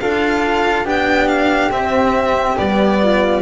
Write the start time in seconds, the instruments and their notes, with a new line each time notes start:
0.00 double bass D4, cello F4, flute A4, violin F5
0.85 double bass B3, cello D4, flute G4, violin G5
1.28 violin F5
1.71 cello C4, double bass C4, violin E5
2.57 double bass G3, cello B3, violin D5
3.02 flute F4